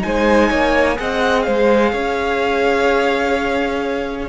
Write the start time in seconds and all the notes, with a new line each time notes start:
0.00 G#3 D#4 C5 G#5
0.50 A#3 C#5
0.96 C4 G#4 D#5 F#5
1.43 G#3 C5 F5
1.93 C#4 C#5